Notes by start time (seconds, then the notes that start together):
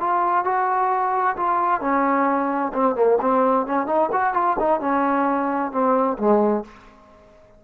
0.00 F4
0.45 F#4
1.37 F4
1.81 C#4
2.74 C4
2.96 A#3
3.21 C4
3.67 C#4
3.87 D#4
4.12 F#4
4.34 F4
4.59 D#4
4.80 C#4
5.72 C4
6.19 G#3